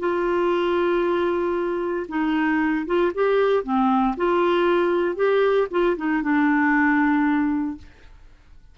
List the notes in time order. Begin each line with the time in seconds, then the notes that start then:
0.00 F4
2.09 D#4
2.87 F4
3.15 G4
3.64 C4
4.17 F4
5.16 G4
5.71 F4
5.97 D#4
6.23 D4